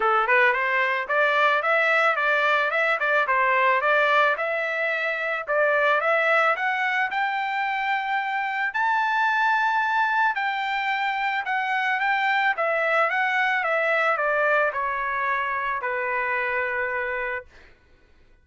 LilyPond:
\new Staff \with { instrumentName = "trumpet" } { \time 4/4 \tempo 4 = 110 a'8 b'8 c''4 d''4 e''4 | d''4 e''8 d''8 c''4 d''4 | e''2 d''4 e''4 | fis''4 g''2. |
a''2. g''4~ | g''4 fis''4 g''4 e''4 | fis''4 e''4 d''4 cis''4~ | cis''4 b'2. | }